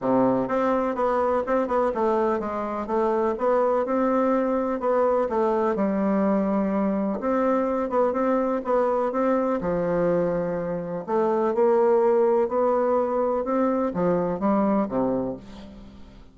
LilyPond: \new Staff \with { instrumentName = "bassoon" } { \time 4/4 \tempo 4 = 125 c4 c'4 b4 c'8 b8 | a4 gis4 a4 b4 | c'2 b4 a4 | g2. c'4~ |
c'8 b8 c'4 b4 c'4 | f2. a4 | ais2 b2 | c'4 f4 g4 c4 | }